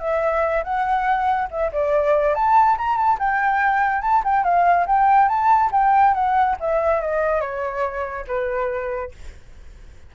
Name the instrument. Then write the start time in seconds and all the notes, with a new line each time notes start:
flute
0.00 E5
0.64 F#5
1.51 E5
1.73 D5
2.35 A5
2.78 A#5
2.97 A5
3.19 G5
4.02 A5
4.24 G5
4.44 F5
4.87 G5
5.29 A5
5.72 G5
6.14 F#5
6.60 E5
7.01 D#5
7.41 C#5
8.27 B4